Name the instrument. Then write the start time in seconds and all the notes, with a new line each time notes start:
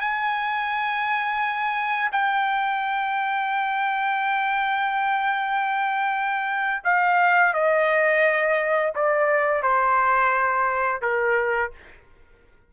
trumpet
0.00 G#5
2.11 G5
6.84 F5
7.53 D#5
8.95 D5
9.62 C5
11.01 A#4